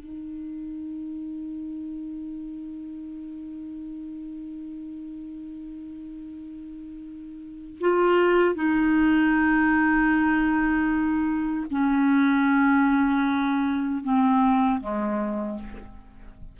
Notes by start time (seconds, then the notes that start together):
0.00 D#4
7.80 F4
8.55 D#4
11.71 C#4
14.03 C4
14.81 G#3